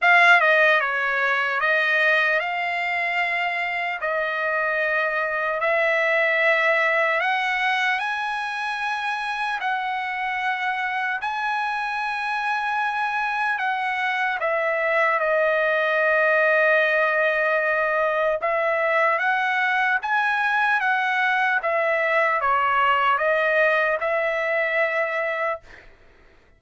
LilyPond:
\new Staff \with { instrumentName = "trumpet" } { \time 4/4 \tempo 4 = 75 f''8 dis''8 cis''4 dis''4 f''4~ | f''4 dis''2 e''4~ | e''4 fis''4 gis''2 | fis''2 gis''2~ |
gis''4 fis''4 e''4 dis''4~ | dis''2. e''4 | fis''4 gis''4 fis''4 e''4 | cis''4 dis''4 e''2 | }